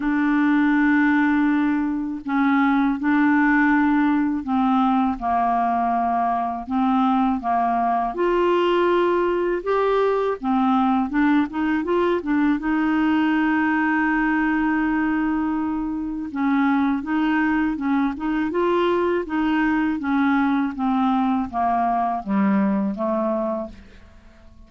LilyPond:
\new Staff \with { instrumentName = "clarinet" } { \time 4/4 \tempo 4 = 81 d'2. cis'4 | d'2 c'4 ais4~ | ais4 c'4 ais4 f'4~ | f'4 g'4 c'4 d'8 dis'8 |
f'8 d'8 dis'2.~ | dis'2 cis'4 dis'4 | cis'8 dis'8 f'4 dis'4 cis'4 | c'4 ais4 g4 a4 | }